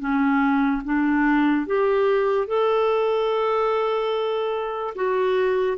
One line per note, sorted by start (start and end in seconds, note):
0.00 0.82 C#4
0.85 1.67 D4
1.67 2.48 G4
2.48 4.94 A4
4.96 5.78 F#4